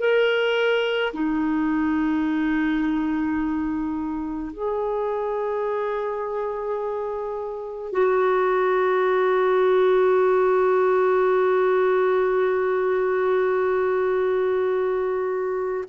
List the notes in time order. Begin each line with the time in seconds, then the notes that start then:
0.00 A#4
1.14 D#4
4.53 G#4
7.92 F#4